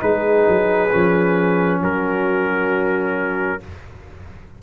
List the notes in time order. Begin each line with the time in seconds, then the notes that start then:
0.00 G#3 D#4 G#4 B4
0.48 F#3
0.91 F3 C#4
1.80 F#3 F#4 A#4